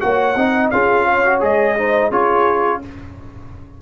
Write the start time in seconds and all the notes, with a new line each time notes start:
0.00 A#3 F#4 C#5 F#5
0.36 C4 D#4 D#5
0.70 C#4 F4 G#4 F5
1.06 C#5
1.25 F#4
1.40 G#3 G#4 D#5
1.78 D#4 C5
2.10 C#4 F4 G#4 C#5